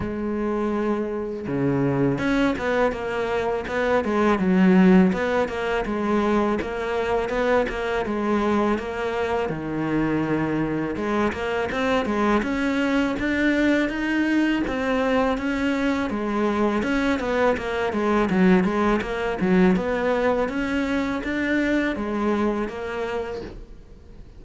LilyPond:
\new Staff \with { instrumentName = "cello" } { \time 4/4 \tempo 4 = 82 gis2 cis4 cis'8 b8 | ais4 b8 gis8 fis4 b8 ais8 | gis4 ais4 b8 ais8 gis4 | ais4 dis2 gis8 ais8 |
c'8 gis8 cis'4 d'4 dis'4 | c'4 cis'4 gis4 cis'8 b8 | ais8 gis8 fis8 gis8 ais8 fis8 b4 | cis'4 d'4 gis4 ais4 | }